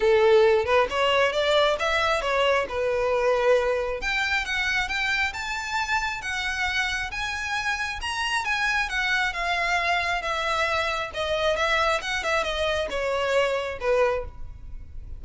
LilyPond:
\new Staff \with { instrumentName = "violin" } { \time 4/4 \tempo 4 = 135 a'4. b'8 cis''4 d''4 | e''4 cis''4 b'2~ | b'4 g''4 fis''4 g''4 | a''2 fis''2 |
gis''2 ais''4 gis''4 | fis''4 f''2 e''4~ | e''4 dis''4 e''4 fis''8 e''8 | dis''4 cis''2 b'4 | }